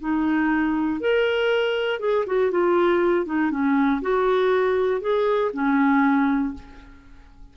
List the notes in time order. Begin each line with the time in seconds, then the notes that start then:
0.00 D#4
1.00 A#4
1.99 G#4
2.26 F#4
2.51 F4
3.25 D#4
3.51 C#4
4.01 F#4
5.01 G#4
5.53 C#4